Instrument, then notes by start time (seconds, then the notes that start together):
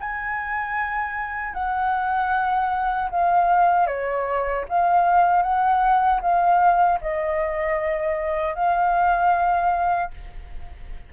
flute
0.00 G#5
1.54 F#5
3.11 F5
3.87 C#5
4.69 F5
5.43 F#5
6.21 F5
7.01 D#5
8.55 F5